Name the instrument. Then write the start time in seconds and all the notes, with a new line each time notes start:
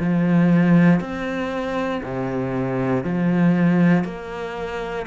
cello
0.00 F3
1.00 C4
2.04 C3
3.04 F3
4.04 A#3